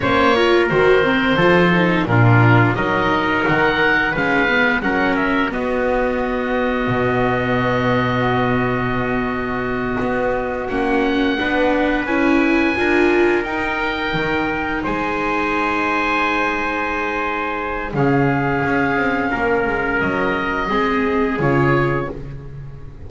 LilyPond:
<<
  \new Staff \with { instrumentName = "oboe" } { \time 4/4 \tempo 4 = 87 cis''4 c''2 ais'4 | dis''4 fis''4 f''4 fis''8 e''8 | dis''1~ | dis''2.~ dis''8 fis''8~ |
fis''4. gis''2 g''8~ | g''4. gis''2~ gis''8~ | gis''2 f''2~ | f''4 dis''2 cis''4 | }
  \new Staff \with { instrumentName = "trumpet" } { \time 4/4 c''8 ais'4. a'4 f'4 | ais'2 b'4 ais'4 | fis'1~ | fis'1~ |
fis'8 b'2 ais'4.~ | ais'4. c''2~ c''8~ | c''2 gis'2 | ais'2 gis'2 | }
  \new Staff \with { instrumentName = "viola" } { \time 4/4 cis'8 f'8 fis'8 c'8 f'8 dis'8 d'4 | dis'2 cis'8 b8 cis'4 | b1~ | b2.~ b8 cis'8~ |
cis'8 d'4 e'4 f'4 dis'8~ | dis'1~ | dis'2 cis'2~ | cis'2 c'4 f'4 | }
  \new Staff \with { instrumentName = "double bass" } { \time 4/4 ais4 dis4 f4 ais,4 | fis4 dis4 gis4 fis4 | b2 b,2~ | b,2~ b,8 b4 ais8~ |
ais8 b4 cis'4 d'4 dis'8~ | dis'8 dis4 gis2~ gis8~ | gis2 cis4 cis'8 c'8 | ais8 gis8 fis4 gis4 cis4 | }
>>